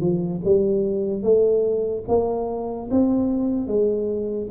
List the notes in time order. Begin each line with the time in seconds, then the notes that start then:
0.00 F3
0.44 G3
1.22 A3
2.08 A#3
2.90 C4
3.67 G#3